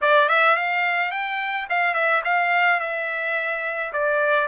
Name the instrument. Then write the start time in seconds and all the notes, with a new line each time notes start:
trumpet
0.01 D5
0.29 E5
0.56 F5
1.11 G5
1.69 F5
1.93 E5
2.24 F5
2.80 E5
3.93 D5